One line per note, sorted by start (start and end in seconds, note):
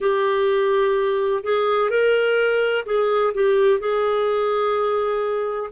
0.00 1.43 G4
1.43 1.90 G#4
1.90 2.85 A#4
2.85 3.33 G#4
3.33 3.79 G4
3.79 5.70 G#4